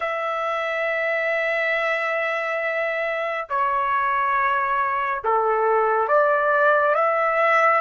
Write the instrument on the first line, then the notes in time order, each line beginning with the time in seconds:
trumpet
0.00 E5
3.49 C#5
5.24 A4
6.08 D5
6.94 E5